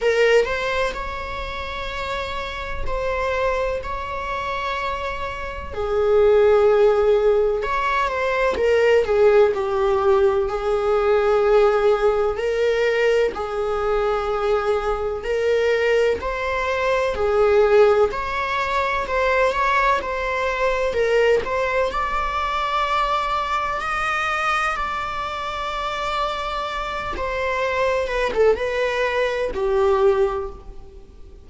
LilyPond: \new Staff \with { instrumentName = "viola" } { \time 4/4 \tempo 4 = 63 ais'8 c''8 cis''2 c''4 | cis''2 gis'2 | cis''8 c''8 ais'8 gis'8 g'4 gis'4~ | gis'4 ais'4 gis'2 |
ais'4 c''4 gis'4 cis''4 | c''8 cis''8 c''4 ais'8 c''8 d''4~ | d''4 dis''4 d''2~ | d''8 c''4 b'16 a'16 b'4 g'4 | }